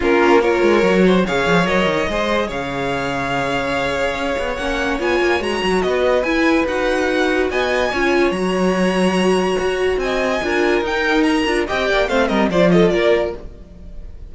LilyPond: <<
  \new Staff \with { instrumentName = "violin" } { \time 4/4 \tempo 4 = 144 ais'4 cis''2 f''4 | dis''2 f''2~ | f''2. fis''4 | gis''4 ais''4 dis''4 gis''4 |
fis''2 gis''2 | ais''1 | gis''2 g''4 ais''4 | g''4 f''8 dis''8 d''8 dis''8 d''4 | }
  \new Staff \with { instrumentName = "violin" } { \time 4/4 f'4 ais'4. c''8 cis''4~ | cis''4 c''4 cis''2~ | cis''1~ | cis''2 b'2~ |
b'2 dis''4 cis''4~ | cis''1 | dis''4 ais'2. | dis''8 d''8 c''8 ais'8 c''8 a'8 ais'4 | }
  \new Staff \with { instrumentName = "viola" } { \time 4/4 cis'4 f'4 fis'4 gis'4 | ais'4 gis'2.~ | gis'2. cis'4 | f'4 fis'2 e'4 |
fis'2. f'4 | fis'1~ | fis'4 f'4 dis'4. f'8 | g'4 c'4 f'2 | }
  \new Staff \with { instrumentName = "cello" } { \time 4/4 ais4. gis8 fis4 cis8 f8 | fis8 dis8 gis4 cis2~ | cis2 cis'8 b8 ais4 | b8 ais8 gis8 fis8 b4 e'4 |
dis'2 b4 cis'4 | fis2. fis'4 | c'4 d'4 dis'4. d'8 | c'8 ais8 a8 g8 f4 ais4 | }
>>